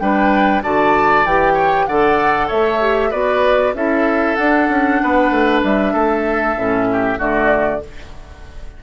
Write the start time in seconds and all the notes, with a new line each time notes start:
0.00 G3 D4 B4 G5
0.63 D3 F#4 D5 A5
1.25 E3 G4 G5
1.54 C#5
1.87 D3 A4 D5 F#5
2.48 A3 C#5 E5
2.81 G4
3.11 B3 F#4 B4 D5
3.74 C#4 E4 A4 E5
4.36 D4 F#5
4.69 C#4
5.03 B3 B4
5.31 A3
5.64 G3 E5
5.94 A3 A4
6.57 A2 C#4
6.93 G4
7.18 D3 A3 F#4 D5